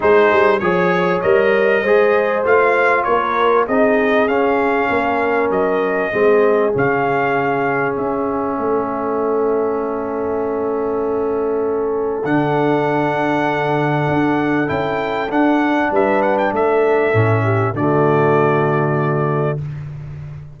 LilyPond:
<<
  \new Staff \with { instrumentName = "trumpet" } { \time 4/4 \tempo 4 = 98 c''4 cis''4 dis''2 | f''4 cis''4 dis''4 f''4~ | f''4 dis''2 f''4~ | f''4 e''2.~ |
e''1 | fis''1 | g''4 fis''4 e''8 fis''16 g''16 e''4~ | e''4 d''2. | }
  \new Staff \with { instrumentName = "horn" } { \time 4/4 gis'4 cis''2 c''4~ | c''4 ais'4 gis'2 | ais'2 gis'2~ | gis'2 a'2~ |
a'1~ | a'1~ | a'2 b'4 a'4~ | a'8 g'8 fis'2. | }
  \new Staff \with { instrumentName = "trombone" } { \time 4/4 dis'4 gis'4 ais'4 gis'4 | f'2 dis'4 cis'4~ | cis'2 c'4 cis'4~ | cis'1~ |
cis'1 | d'1 | e'4 d'2. | cis'4 a2. | }
  \new Staff \with { instrumentName = "tuba" } { \time 4/4 gis8 g8 f4 g4 gis4 | a4 ais4 c'4 cis'4 | ais4 fis4 gis4 cis4~ | cis4 cis'4 a2~ |
a1 | d2. d'4 | cis'4 d'4 g4 a4 | a,4 d2. | }
>>